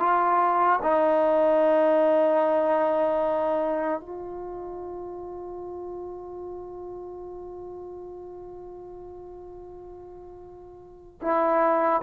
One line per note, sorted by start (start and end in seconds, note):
0.00 0.80 F4
0.83 4.00 D#4
4.00 11.20 F4
11.22 12.02 E4